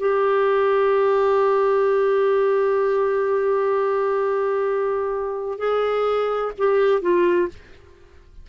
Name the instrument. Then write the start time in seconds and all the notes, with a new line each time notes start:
clarinet
0.00 G4
5.59 G#4
6.58 G4
7.02 F4